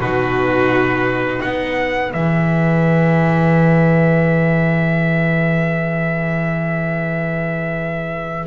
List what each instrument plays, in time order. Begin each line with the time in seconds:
0.00 double bass B2, viola D#4, violin F#4, trumpet B4
1.41 double bass B3, violin B4, trumpet F#5
2.12 double bass E3, viola G#4, trumpet E5